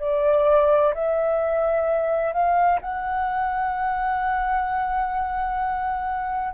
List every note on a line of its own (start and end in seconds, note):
0.00 0.94 D5
0.94 2.33 E5
2.33 2.80 F5
2.81 6.54 F#5